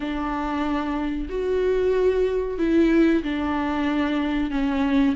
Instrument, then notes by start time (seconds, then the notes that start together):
viola
0.00 D4
1.29 F#4
2.58 E4
3.23 D4
4.50 C#4